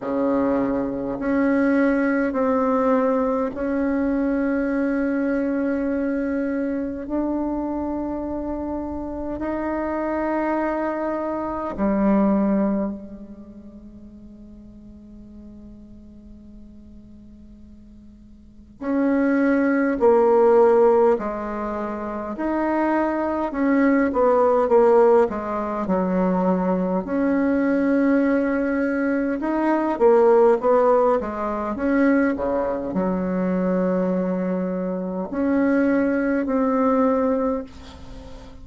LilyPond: \new Staff \with { instrumentName = "bassoon" } { \time 4/4 \tempo 4 = 51 cis4 cis'4 c'4 cis'4~ | cis'2 d'2 | dis'2 g4 gis4~ | gis1 |
cis'4 ais4 gis4 dis'4 | cis'8 b8 ais8 gis8 fis4 cis'4~ | cis'4 dis'8 ais8 b8 gis8 cis'8 cis8 | fis2 cis'4 c'4 | }